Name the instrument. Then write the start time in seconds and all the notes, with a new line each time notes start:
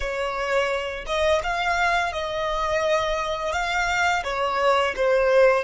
violin
0.00 C#5
1.06 D#5
1.43 F5
2.12 D#5
3.52 F5
4.23 C#5
4.96 C5